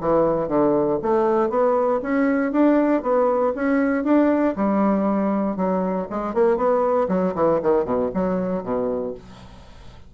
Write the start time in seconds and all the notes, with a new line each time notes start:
0.00 E3
0.47 D3
1.02 A3
1.49 B3
2.02 C#4
2.52 D4
3.02 B3
3.55 C#4
4.04 D4
4.56 G3
5.56 F#3
6.10 G#3
6.34 A#3
6.56 B3
7.08 F#3
7.35 E3
7.62 D#3
7.84 B2
8.14 F#3
8.63 B2